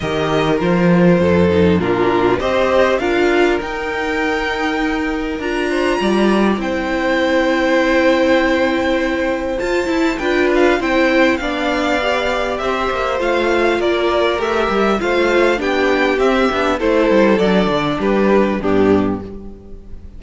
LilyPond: <<
  \new Staff \with { instrumentName = "violin" } { \time 4/4 \tempo 4 = 100 dis''4 c''2 ais'4 | dis''4 f''4 g''2~ | g''4 ais''2 g''4~ | g''1 |
a''4 g''8 f''8 g''4 f''4~ | f''4 e''4 f''4 d''4 | e''4 f''4 g''4 e''4 | c''4 d''4 b'4 g'4 | }
  \new Staff \with { instrumentName = "violin" } { \time 4/4 ais'2 a'4 f'4 | c''4 ais'2.~ | ais'4. c''8 d''4 c''4~ | c''1~ |
c''4 b'4 c''4 d''4~ | d''4 c''2 ais'4~ | ais'4 c''4 g'2 | a'2 g'4 d'4 | }
  \new Staff \with { instrumentName = "viola" } { \time 4/4 g'4 f'4. dis'8 d'4 | g'4 f'4 dis'2~ | dis'4 f'2 e'4~ | e'1 |
f'8 e'8 f'4 e'4 d'4 | g'2 f'2 | g'4 f'4 d'4 c'8 d'8 | e'4 d'2 b4 | }
  \new Staff \with { instrumentName = "cello" } { \time 4/4 dis4 f4 f,4 ais,4 | c'4 d'4 dis'2~ | dis'4 d'4 g4 c'4~ | c'1 |
f'8 e'8 d'4 c'4 b4~ | b4 c'8 ais8 a4 ais4 | a8 g8 a4 b4 c'8 b8 | a8 g8 fis8 d8 g4 g,4 | }
>>